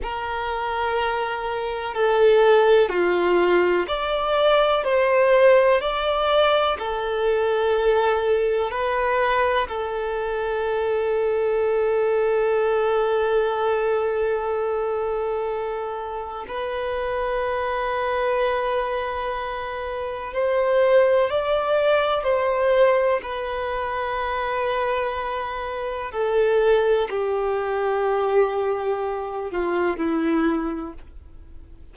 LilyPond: \new Staff \with { instrumentName = "violin" } { \time 4/4 \tempo 4 = 62 ais'2 a'4 f'4 | d''4 c''4 d''4 a'4~ | a'4 b'4 a'2~ | a'1~ |
a'4 b'2.~ | b'4 c''4 d''4 c''4 | b'2. a'4 | g'2~ g'8 f'8 e'4 | }